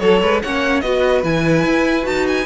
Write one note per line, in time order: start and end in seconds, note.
0.00 0.22 F#3
0.00 0.22 A4
0.00 0.44 A4
0.00 0.41 C#5
0.22 0.43 G#3
0.22 0.43 B4
0.43 0.83 A#3
0.43 0.84 C#4
0.43 0.84 C#5
0.43 0.81 F#5
0.81 1.24 B3
0.81 1.24 F#4
0.81 2.47 B4
0.81 1.22 D#5
1.24 1.65 E3
1.24 2.02 E4
1.24 2.07 G#5
1.66 2.07 E4
2.02 2.47 D#4
2.02 2.44 F#4
2.02 2.27 A5
2.28 2.47 G#5